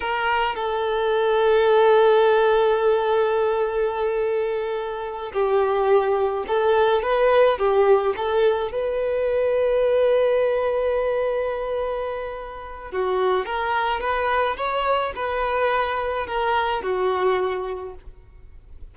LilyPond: \new Staff \with { instrumentName = "violin" } { \time 4/4 \tempo 4 = 107 ais'4 a'2.~ | a'1~ | a'4. g'2 a'8~ | a'8 b'4 g'4 a'4 b'8~ |
b'1~ | b'2. fis'4 | ais'4 b'4 cis''4 b'4~ | b'4 ais'4 fis'2 | }